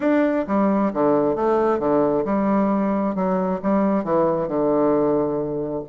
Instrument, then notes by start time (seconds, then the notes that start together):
bassoon
0.00 D4
0.47 G3
0.93 D3
1.35 A3
1.79 D3
2.25 G3
3.15 F#3
3.62 G3
4.04 E3
4.47 D3